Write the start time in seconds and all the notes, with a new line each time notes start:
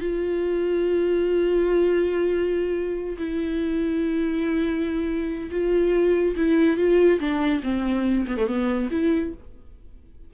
0.00 F4
3.18 E4
5.51 F4
6.36 E4
6.77 F4
7.19 D4
7.63 C4
8.27 B3
8.37 A3
8.47 B3
8.91 E4